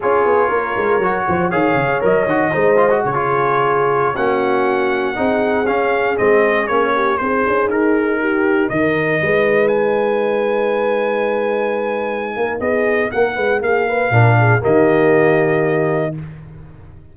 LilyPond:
<<
  \new Staff \with { instrumentName = "trumpet" } { \time 4/4 \tempo 4 = 119 cis''2. f''4 | dis''2 cis''2~ | cis''16 fis''2. f''8.~ | f''16 dis''4 cis''4 c''4 ais'8.~ |
ais'4~ ais'16 dis''2 gis''8.~ | gis''1~ | gis''4 dis''4 fis''4 f''4~ | f''4 dis''2. | }
  \new Staff \with { instrumentName = "horn" } { \time 4/4 gis'4 ais'4. c''8 cis''4~ | cis''4 c''4 gis'2~ | gis'16 fis'2 gis'4.~ gis'16~ | gis'4.~ gis'16 g'8 gis'4.~ gis'16~ |
gis'16 g'4 ais'4 b'4.~ b'16~ | b'1~ | b'8 ais'8 gis'4 ais'8 b'8 gis'8 b'8 | ais'8 gis'8 g'2. | }
  \new Staff \with { instrumentName = "trombone" } { \time 4/4 f'2 fis'4 gis'4 | ais'8 fis'8 dis'8 f'16 fis'8 f'4.~ f'16~ | f'16 cis'2 dis'4 cis'8.~ | cis'16 c'4 cis'4 dis'4.~ dis'16~ |
dis'1~ | dis'1~ | dis'1 | d'4 ais2. | }
  \new Staff \with { instrumentName = "tuba" } { \time 4/4 cis'8 b8 ais8 gis8 fis8 f8 dis8 cis8 | fis8 dis8 gis4 cis2~ | cis16 ais2 c'4 cis'8.~ | cis'16 gis4 ais4 c'8 cis'8 dis'8.~ |
dis'4~ dis'16 dis4 gis4.~ gis16~ | gis1~ | gis8 ais8 b4 ais8 gis8 ais4 | ais,4 dis2. | }
>>